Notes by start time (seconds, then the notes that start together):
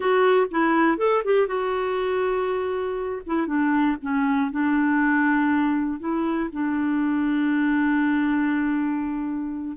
0.00 F#4
0.50 E4
0.97 A4
1.24 G4
1.47 F#4
3.26 E4
3.46 D4
4.02 C#4
4.51 D4
5.99 E4
6.52 D4